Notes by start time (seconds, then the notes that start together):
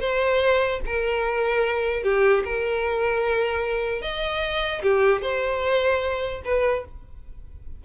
0.00 C5
0.85 A#4
2.03 G4
2.44 A#4
4.02 D#5
4.82 G4
5.22 C5
6.44 B4